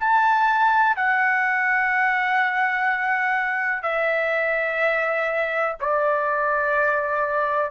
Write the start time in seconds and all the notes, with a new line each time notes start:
0.00 A5
0.97 F#5
3.83 E5
5.81 D5